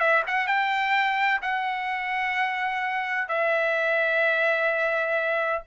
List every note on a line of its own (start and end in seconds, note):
0.00 0.23 E5
0.27 0.47 F#5
0.47 1.41 G5
1.42 3.28 F#5
3.28 5.63 E5